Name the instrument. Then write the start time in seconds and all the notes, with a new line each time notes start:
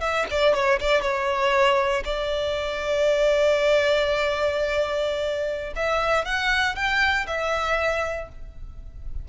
violin
0.00 E5
0.30 D5
0.54 C#5
0.80 D5
1.01 C#5
2.04 D5
5.75 E5
6.25 F#5
6.75 G5
7.26 E5